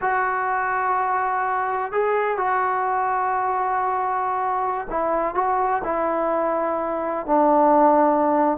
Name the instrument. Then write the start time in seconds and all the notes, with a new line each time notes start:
trombone
0.01 F#4
1.92 G#4
2.37 F#4
4.90 E4
5.34 F#4
5.84 E4
7.26 D4